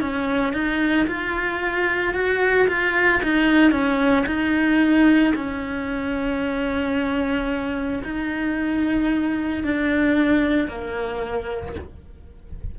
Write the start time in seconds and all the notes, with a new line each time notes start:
0.00 C#4
0.53 D#4
1.07 F4
2.13 F#4
2.67 F4
3.22 D#4
3.71 C#4
4.26 D#4
5.35 C#4
8.04 D#4
9.63 D4
10.68 A#3